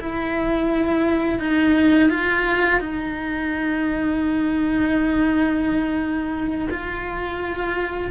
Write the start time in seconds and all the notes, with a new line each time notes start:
0.00 E4
1.39 D#4
2.10 F4
2.80 D#4
6.70 F4